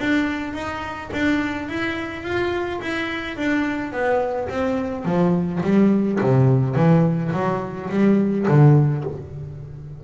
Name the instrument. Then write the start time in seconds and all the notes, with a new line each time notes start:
double bass
0.00 D4
0.54 D#4
1.13 D4
1.69 E4
2.24 F4
2.82 E4
3.38 D4
3.92 B3
4.49 C4
5.05 F3
5.63 G3
6.21 C3
6.76 E3
7.33 F#3
7.90 G3
8.48 D3